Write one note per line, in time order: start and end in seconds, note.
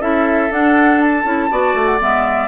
0.00 0.50 C#4
0.00 0.50 E4
0.00 1.51 A4
0.00 0.52 E5
0.50 1.24 D4
0.50 1.00 F#5
1.00 1.86 A5
1.24 1.49 C#4
1.24 1.49 E4
1.50 1.74 B3
1.50 1.99 F#4
1.50 2.48 D5
1.74 1.99 A3
1.86 1.99 F#5
1.99 2.48 G#3
1.99 2.48 B3
1.99 2.48 E5